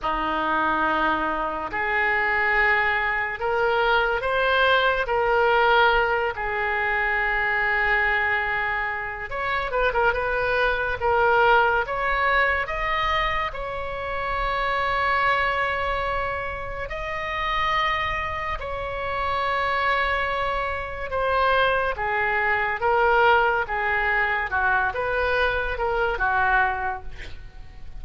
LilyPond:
\new Staff \with { instrumentName = "oboe" } { \time 4/4 \tempo 4 = 71 dis'2 gis'2 | ais'4 c''4 ais'4. gis'8~ | gis'2. cis''8 b'16 ais'16 | b'4 ais'4 cis''4 dis''4 |
cis''1 | dis''2 cis''2~ | cis''4 c''4 gis'4 ais'4 | gis'4 fis'8 b'4 ais'8 fis'4 | }